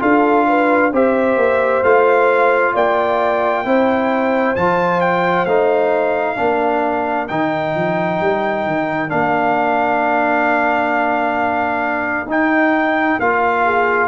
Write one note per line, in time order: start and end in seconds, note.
0.00 0.93 D4
0.00 0.91 F4
0.00 0.47 A4
0.00 0.93 F5
0.48 0.93 B4
0.93 1.37 C4
0.93 1.85 G4
0.93 2.74 C5
0.93 1.84 E5
1.37 1.82 A#3
1.83 2.74 A3
1.83 3.65 F4
1.83 2.75 F5
2.74 3.65 A#3
2.74 3.65 D5
2.74 4.56 G5
3.65 4.56 C4
3.65 4.56 E4
3.65 6.38 C5
4.56 5.46 F3
4.56 5.48 F4
4.56 5.01 A5
5.01 5.46 G5
5.46 6.37 A3
5.46 6.36 D#4
5.46 7.28 F5
6.36 7.30 A#3
6.36 7.27 D4
6.36 13.64 A#4
7.28 7.76 D#3
7.28 9.09 D#4
7.28 9.10 G5
7.76 8.21 F3
8.21 8.67 G3
8.67 9.12 D#3
9.09 12.26 A#3
9.09 12.27 D4
9.09 12.28 F5
12.26 13.17 D#4
12.26 13.20 D#4
12.26 13.20 G5
13.20 14.08 A#3
13.20 14.08 F4
13.20 14.08 F5
13.64 14.08 G#4